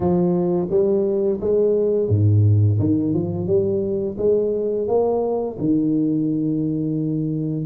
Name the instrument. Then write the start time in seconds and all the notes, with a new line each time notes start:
tuba
0.00 F3
0.70 G3
1.40 G#3
2.09 G#2
2.79 D#3
3.14 F3
3.46 G3
4.17 G#3
4.87 A#3
5.58 D#3